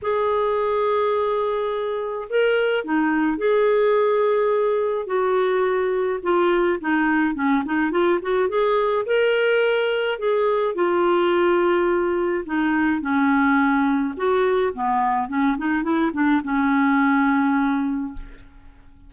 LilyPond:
\new Staff \with { instrumentName = "clarinet" } { \time 4/4 \tempo 4 = 106 gis'1 | ais'4 dis'4 gis'2~ | gis'4 fis'2 f'4 | dis'4 cis'8 dis'8 f'8 fis'8 gis'4 |
ais'2 gis'4 f'4~ | f'2 dis'4 cis'4~ | cis'4 fis'4 b4 cis'8 dis'8 | e'8 d'8 cis'2. | }